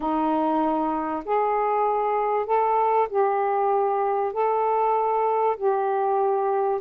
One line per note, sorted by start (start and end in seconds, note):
0.00 1.23 D#4
1.25 2.46 G#4
2.46 3.08 A4
3.09 4.32 G4
4.32 5.56 A4
5.57 6.80 G4